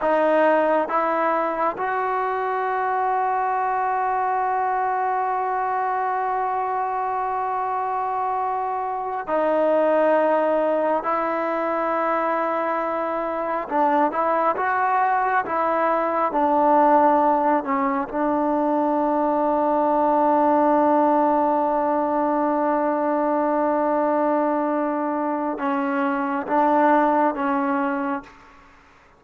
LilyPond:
\new Staff \with { instrumentName = "trombone" } { \time 4/4 \tempo 4 = 68 dis'4 e'4 fis'2~ | fis'1~ | fis'2~ fis'8 dis'4.~ | dis'8 e'2. d'8 |
e'8 fis'4 e'4 d'4. | cis'8 d'2.~ d'8~ | d'1~ | d'4 cis'4 d'4 cis'4 | }